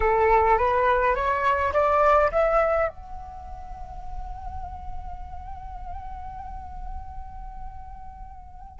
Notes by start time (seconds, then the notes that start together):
0.00 A4
0.58 B4
1.15 C#5
1.73 D5
2.31 E5
2.88 F#5